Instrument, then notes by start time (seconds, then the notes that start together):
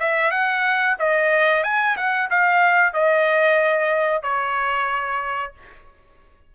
trumpet
0.00 E5
0.31 F#5
0.99 D#5
1.64 G#5
1.97 F#5
2.30 F5
2.93 D#5
4.23 C#5